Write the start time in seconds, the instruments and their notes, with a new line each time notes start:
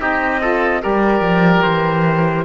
0.00 cello C4, saxophone D#4, oboe G4, trumpet D#5
0.41 saxophone F4, oboe A4
0.81 cello G3, saxophone G4, oboe A#4, trumpet D5
1.21 cello F3
1.63 cello E3, trumpet C5